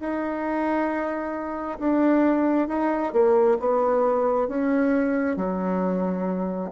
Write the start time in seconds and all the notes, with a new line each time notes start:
0.00 D#4
1.80 D4
2.68 D#4
3.13 A#3
3.60 B3
4.48 C#4
5.36 F#3